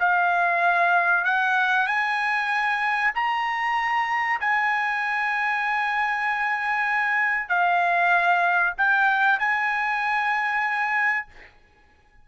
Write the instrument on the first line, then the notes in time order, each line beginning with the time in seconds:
trumpet
0.00 F5
1.25 F#5
1.87 G#5
3.15 A#5
4.41 G#5
7.49 F5
8.78 G5
9.39 G#5